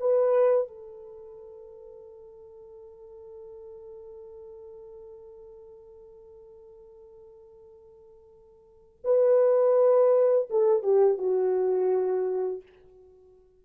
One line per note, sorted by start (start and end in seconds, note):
0.00 0.68 B4
0.68 8.99 A4
9.04 10.49 B4
10.50 10.83 A4
10.83 11.18 G4
11.18 12.63 F#4